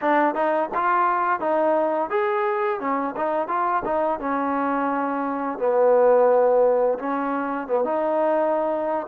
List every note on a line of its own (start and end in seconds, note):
0.01 0.34 D4
0.34 0.69 D#4
0.74 1.40 F4
1.40 2.09 D#4
2.10 2.79 G#4
2.80 3.15 C#4
3.16 3.48 D#4
3.48 3.82 F4
3.85 4.19 D#4
4.19 5.58 C#4
5.58 6.98 B3
6.98 7.67 C#4
7.67 7.84 B3
7.84 9.06 D#4